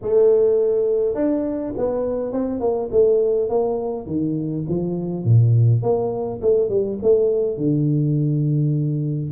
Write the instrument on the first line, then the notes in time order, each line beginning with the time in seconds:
tuba
0.01 A3
1.14 D4
1.77 B3
2.32 C4
2.60 A#3
2.91 A3
3.49 A#3
4.06 D#3
4.68 F3
5.24 A#2
5.82 A#3
6.41 A3
6.69 G3
7.02 A3
7.57 D3